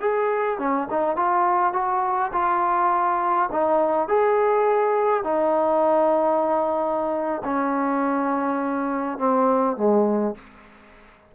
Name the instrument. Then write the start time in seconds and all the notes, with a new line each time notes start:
trombone
0.00 G#4
0.58 C#4
0.90 D#4
1.16 F4
1.73 F#4
2.32 F4
3.51 D#4
4.08 G#4
5.23 D#4
7.44 C#4
9.18 C4
9.76 G#3